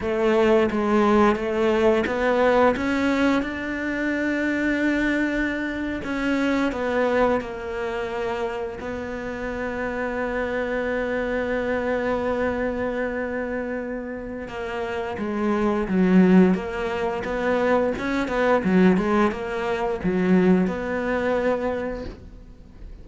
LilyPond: \new Staff \with { instrumentName = "cello" } { \time 4/4 \tempo 4 = 87 a4 gis4 a4 b4 | cis'4 d'2.~ | d'8. cis'4 b4 ais4~ ais16~ | ais8. b2.~ b16~ |
b1~ | b4 ais4 gis4 fis4 | ais4 b4 cis'8 b8 fis8 gis8 | ais4 fis4 b2 | }